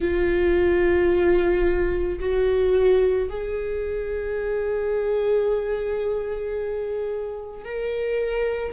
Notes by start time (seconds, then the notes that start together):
0.00 F4
2.19 F#4
3.29 G#4
7.65 A#4